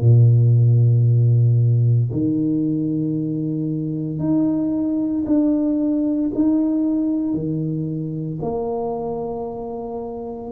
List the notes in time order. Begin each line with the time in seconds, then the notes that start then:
0.00 A#2
2.12 D#3
4.19 D#4
5.26 D4
6.34 D#4
7.34 D#3
8.42 A#3